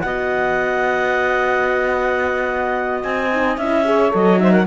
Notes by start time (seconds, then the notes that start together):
0.00 B3 F#4 D#5 F#5
3.03 C4 G#5
3.32 D#4
3.57 C#4 E4 E5
3.85 G#4 C#5
4.11 F#3 A4 D#5
4.38 D#4 C5 E5
4.52 A#4 F#5